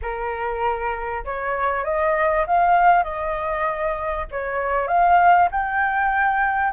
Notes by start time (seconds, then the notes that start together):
0.02 A#4
1.24 C#5
1.84 D#5
2.46 F5
3.03 D#5
4.31 C#5
4.87 F5
5.51 G5